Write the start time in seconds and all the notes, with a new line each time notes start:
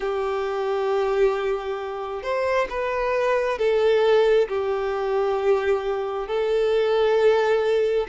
0.00 G4
2.23 C5
2.69 B4
3.58 A4
4.48 G4
6.27 A4